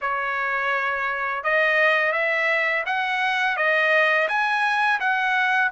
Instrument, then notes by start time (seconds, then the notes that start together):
trumpet
0.01 C#5
1.43 D#5
2.12 E5
2.85 F#5
3.56 D#5
4.28 G#5
5.00 F#5